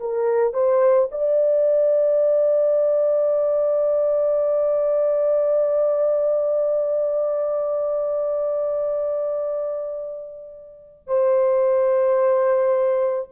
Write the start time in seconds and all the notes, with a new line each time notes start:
0.00 A#4
0.54 C5
1.12 D5
11.07 C5